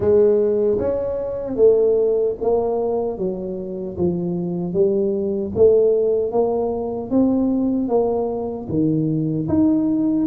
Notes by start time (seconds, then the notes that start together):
0.00 G#3
0.78 C#4
1.56 A3
2.41 A#3
3.18 F#3
3.97 F3
4.73 G3
5.55 A3
6.31 A#3
7.10 C4
7.88 A#3
8.68 D#3
9.48 D#4